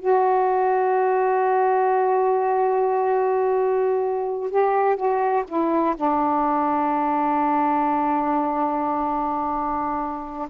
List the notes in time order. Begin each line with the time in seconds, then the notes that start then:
0.00 F#4
4.51 G4
4.97 F#4
5.48 E4
5.97 D4